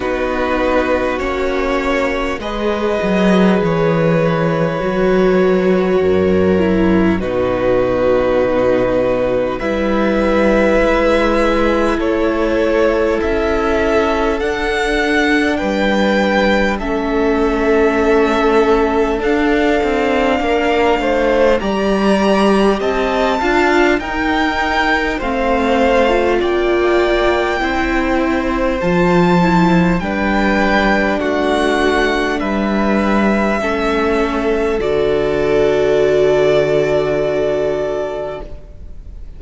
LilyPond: <<
  \new Staff \with { instrumentName = "violin" } { \time 4/4 \tempo 4 = 50 b'4 cis''4 dis''4 cis''4~ | cis''2 b'2 | e''2 cis''4 e''4 | fis''4 g''4 e''2 |
f''2 ais''4 a''4 | g''4 f''4 g''2 | a''4 g''4 fis''4 e''4~ | e''4 d''2. | }
  \new Staff \with { instrumentName = "violin" } { \time 4/4 fis'2 b'2~ | b'4 ais'4 fis'2 | b'2 a'2~ | a'4 b'4 a'2~ |
a'4 ais'8 c''8 d''4 dis''8 f''8 | ais'4 c''4 d''4 c''4~ | c''4 b'4 fis'4 b'4 | a'1 | }
  \new Staff \with { instrumentName = "viola" } { \time 4/4 dis'4 cis'4 gis'2 | fis'4. e'8 dis'2 | e'1 | d'2 cis'2 |
d'2 g'4. f'8 | dis'4 c'8. f'4~ f'16 e'4 | f'8 e'8 d'2. | cis'4 fis'2. | }
  \new Staff \with { instrumentName = "cello" } { \time 4/4 b4 ais4 gis8 fis8 e4 | fis4 fis,4 b,2 | g4 gis4 a4 cis'4 | d'4 g4 a2 |
d'8 c'8 ais8 a8 g4 c'8 d'8 | dis'4 a4 ais4 c'4 | f4 g4 a4 g4 | a4 d2. | }
>>